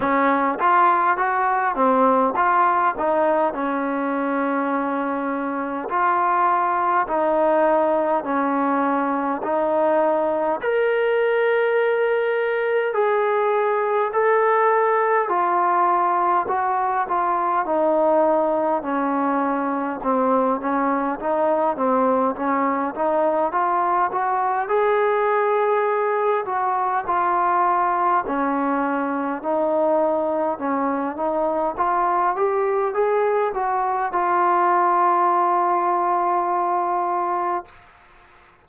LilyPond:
\new Staff \with { instrumentName = "trombone" } { \time 4/4 \tempo 4 = 51 cis'8 f'8 fis'8 c'8 f'8 dis'8 cis'4~ | cis'4 f'4 dis'4 cis'4 | dis'4 ais'2 gis'4 | a'4 f'4 fis'8 f'8 dis'4 |
cis'4 c'8 cis'8 dis'8 c'8 cis'8 dis'8 | f'8 fis'8 gis'4. fis'8 f'4 | cis'4 dis'4 cis'8 dis'8 f'8 g'8 | gis'8 fis'8 f'2. | }